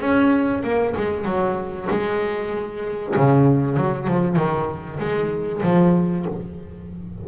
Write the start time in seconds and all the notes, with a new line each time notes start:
0.00 C#4
0.63 A#3
0.97 G#3
1.25 F#3
1.90 G#3
3.16 C#3
3.77 F#3
4.07 F3
4.36 D#3
4.99 G#3
5.63 F3